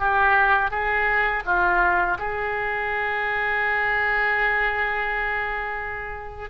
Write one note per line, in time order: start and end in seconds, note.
0.00 0.71 G4
0.71 1.43 G#4
1.46 2.18 F4
2.19 6.50 G#4